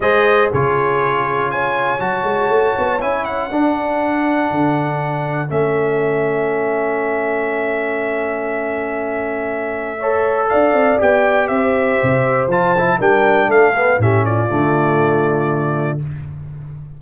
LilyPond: <<
  \new Staff \with { instrumentName = "trumpet" } { \time 4/4 \tempo 4 = 120 dis''4 cis''2 gis''4 | a''2 gis''8 fis''4.~ | fis''2. e''4~ | e''1~ |
e''1~ | e''4 f''4 g''4 e''4~ | e''4 a''4 g''4 f''4 | e''8 d''2.~ d''8 | }
  \new Staff \with { instrumentName = "horn" } { \time 4/4 c''4 gis'2 cis''4~ | cis''2. a'4~ | a'1~ | a'1~ |
a'1 | cis''4 d''2 c''4~ | c''2 ais'4 a'4 | g'8 f'2.~ f'8 | }
  \new Staff \with { instrumentName = "trombone" } { \time 4/4 gis'4 f'2. | fis'2 e'4 d'4~ | d'2. cis'4~ | cis'1~ |
cis'1 | a'2 g'2~ | g'4 f'8 e'8 d'4. b8 | cis'4 a2. | }
  \new Staff \with { instrumentName = "tuba" } { \time 4/4 gis4 cis2. | fis8 gis8 a8 b8 cis'4 d'4~ | d'4 d2 a4~ | a1~ |
a1~ | a4 d'8 c'8 b4 c'4 | c4 f4 g4 a4 | a,4 d2. | }
>>